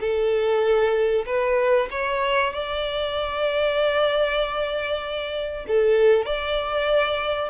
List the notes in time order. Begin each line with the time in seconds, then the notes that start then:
0.00 A4
1.26 B4
1.91 C#5
2.53 D5
5.67 A4
6.25 D5